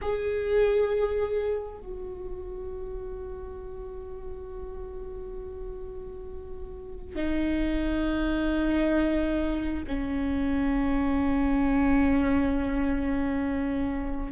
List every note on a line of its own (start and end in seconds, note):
0.01 1.79 G#4
1.79 7.15 F#4
7.15 9.84 D#4
9.88 14.32 C#4